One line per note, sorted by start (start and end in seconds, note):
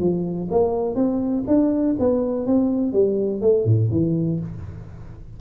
0.00 0.49 F3
0.51 0.96 A#3
0.96 1.45 C4
1.48 1.96 D4
1.99 2.47 B3
2.47 2.93 C4
2.93 3.41 G3
3.41 3.65 A3
3.65 3.90 A2
3.91 4.40 E3